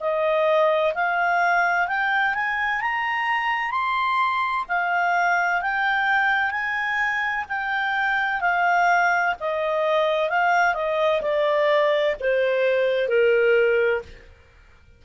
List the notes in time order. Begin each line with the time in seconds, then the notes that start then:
0.00 D#5
0.95 F5
1.87 G5
2.34 G#5
2.81 A#5
3.72 C6
4.69 F5
5.62 G5
6.51 G#5
7.49 G5
8.41 F5
9.40 D#5
10.30 F5
10.75 D#5
11.22 D5
12.20 C5
13.09 A#4